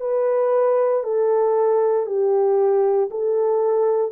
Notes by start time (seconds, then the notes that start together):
0.00 B4
1.03 A4
2.06 G4
3.10 A4